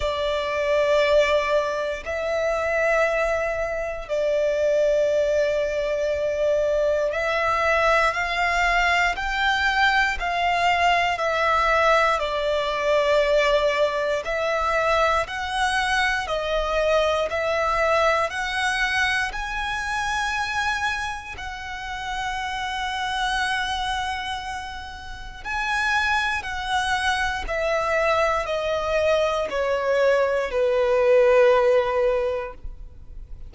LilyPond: \new Staff \with { instrumentName = "violin" } { \time 4/4 \tempo 4 = 59 d''2 e''2 | d''2. e''4 | f''4 g''4 f''4 e''4 | d''2 e''4 fis''4 |
dis''4 e''4 fis''4 gis''4~ | gis''4 fis''2.~ | fis''4 gis''4 fis''4 e''4 | dis''4 cis''4 b'2 | }